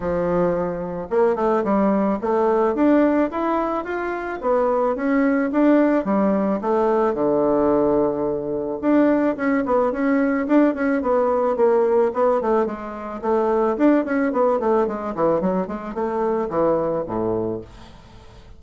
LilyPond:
\new Staff \with { instrumentName = "bassoon" } { \time 4/4 \tempo 4 = 109 f2 ais8 a8 g4 | a4 d'4 e'4 f'4 | b4 cis'4 d'4 g4 | a4 d2. |
d'4 cis'8 b8 cis'4 d'8 cis'8 | b4 ais4 b8 a8 gis4 | a4 d'8 cis'8 b8 a8 gis8 e8 | fis8 gis8 a4 e4 a,4 | }